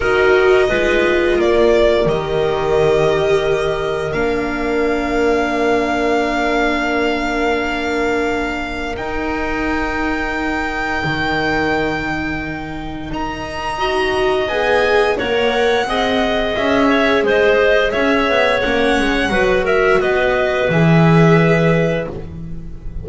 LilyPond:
<<
  \new Staff \with { instrumentName = "violin" } { \time 4/4 \tempo 4 = 87 dis''2 d''4 dis''4~ | dis''2 f''2~ | f''1~ | f''4 g''2.~ |
g''2. ais''4~ | ais''4 gis''4 fis''2 | e''4 dis''4 e''4 fis''4~ | fis''8 e''8 dis''4 e''2 | }
  \new Staff \with { instrumentName = "clarinet" } { \time 4/4 ais'4 b'4 ais'2~ | ais'1~ | ais'1~ | ais'1~ |
ais'1 | dis''2 cis''4 dis''4~ | dis''8 cis''8 c''4 cis''2 | b'8 ais'8 b'2. | }
  \new Staff \with { instrumentName = "viola" } { \time 4/4 fis'4 f'2 g'4~ | g'2 d'2~ | d'1~ | d'4 dis'2.~ |
dis'1 | fis'4 gis'4 ais'4 gis'4~ | gis'2. cis'4 | fis'2 gis'2 | }
  \new Staff \with { instrumentName = "double bass" } { \time 4/4 dis'4 gis4 ais4 dis4~ | dis2 ais2~ | ais1~ | ais4 dis'2. |
dis2. dis'4~ | dis'4 b4 ais4 c'4 | cis'4 gis4 cis'8 b8 ais8 gis8 | fis4 b4 e2 | }
>>